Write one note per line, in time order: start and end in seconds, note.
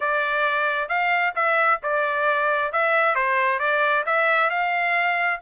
0.00 0.88 D5
0.88 1.33 F5
1.35 1.80 E5
1.83 2.72 D5
2.72 3.15 E5
3.15 3.59 C5
3.59 4.04 D5
4.06 4.49 E5
4.49 5.40 F5